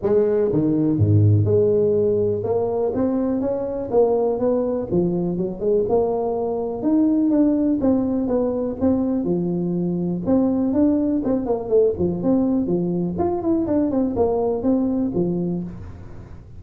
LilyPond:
\new Staff \with { instrumentName = "tuba" } { \time 4/4 \tempo 4 = 123 gis4 dis4 gis,4 gis4~ | gis4 ais4 c'4 cis'4 | ais4 b4 f4 fis8 gis8 | ais2 dis'4 d'4 |
c'4 b4 c'4 f4~ | f4 c'4 d'4 c'8 ais8 | a8 f8 c'4 f4 f'8 e'8 | d'8 c'8 ais4 c'4 f4 | }